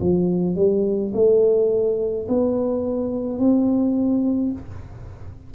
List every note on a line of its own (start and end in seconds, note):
0.00 0.56 F3
0.56 1.12 G3
1.14 2.27 A3
2.28 3.39 B3
3.39 4.52 C4